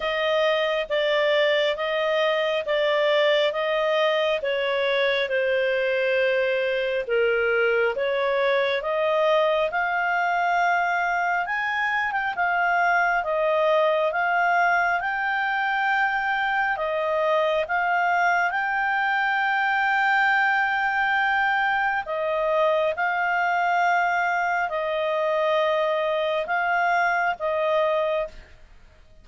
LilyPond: \new Staff \with { instrumentName = "clarinet" } { \time 4/4 \tempo 4 = 68 dis''4 d''4 dis''4 d''4 | dis''4 cis''4 c''2 | ais'4 cis''4 dis''4 f''4~ | f''4 gis''8. g''16 f''4 dis''4 |
f''4 g''2 dis''4 | f''4 g''2.~ | g''4 dis''4 f''2 | dis''2 f''4 dis''4 | }